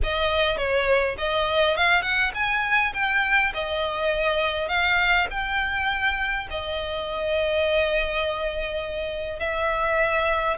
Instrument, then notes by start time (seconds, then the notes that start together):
violin
0.03 D#5
0.57 C#5
1.17 D#5
1.76 F5
2.02 F#5
2.34 G#5
2.93 G5
3.54 D#5
4.68 F5
5.30 G5
6.50 D#5
9.39 E5